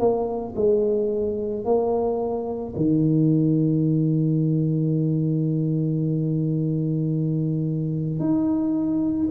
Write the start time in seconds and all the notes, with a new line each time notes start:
0.00 A#3
0.56 G#3
1.65 A#3
2.77 D#3
8.20 D#4